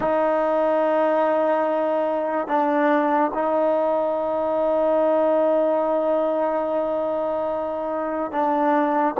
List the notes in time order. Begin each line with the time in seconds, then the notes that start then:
0.00 D#4
2.47 D4
3.34 D#4
8.31 D4